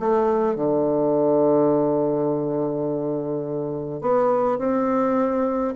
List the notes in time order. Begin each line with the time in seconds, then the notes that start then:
0.00 A3
0.56 D3
4.01 B3
4.59 C4